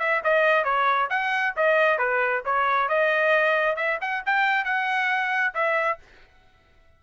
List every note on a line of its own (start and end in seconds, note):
0.00 0.22 E5
0.24 0.64 D#5
0.64 1.09 C#5
1.10 1.55 F#5
1.57 1.99 D#5
1.99 2.43 B4
2.45 2.89 C#5
2.89 3.77 D#5
3.77 3.99 E5
4.01 4.24 F#5
4.26 4.65 G5
4.65 5.54 F#5
5.54 5.99 E5